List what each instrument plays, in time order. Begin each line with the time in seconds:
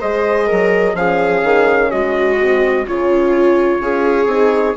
0.00 bassoon G#3, horn G#4, viola C5, trumpet D#5
0.46 bassoon F#3, viola A#4
0.94 bassoon F3, horn C#4, viola G#4, trumpet F5
1.43 bassoon D#3
1.91 bassoon G#3, viola F#4, trumpet D#5
2.39 horn C4
2.85 bassoon C#3, horn C#4, viola F4, trumpet C#5
3.79 bassoon C#4, horn F4, viola G#4
4.26 bassoon C4, horn D#4